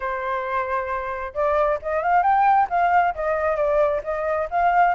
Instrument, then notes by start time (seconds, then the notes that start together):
flute
0.00 C5
1.34 D5
1.82 D#5
2.03 F5
2.22 G5
2.69 F5
3.14 D#5
3.56 D5
4.03 D#5
4.50 F5